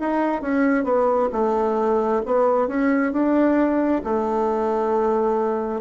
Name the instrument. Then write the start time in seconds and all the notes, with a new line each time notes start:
bassoon
0.00 D#4
0.42 C#4
0.84 B3
1.32 A3
2.26 B3
2.68 C#4
3.12 D4
4.04 A3